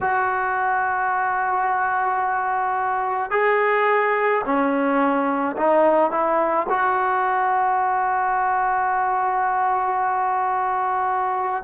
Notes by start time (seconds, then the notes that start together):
0.01 F#4
3.30 G#4
4.44 C#4
5.56 D#4
6.11 E4
6.69 F#4